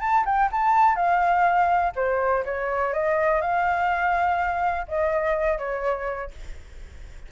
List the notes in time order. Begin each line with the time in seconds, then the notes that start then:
0.00 A5
0.25 G5
0.51 A5
0.95 F5
1.95 C5
2.45 C#5
2.93 D#5
3.41 F5
4.88 D#5
5.58 C#5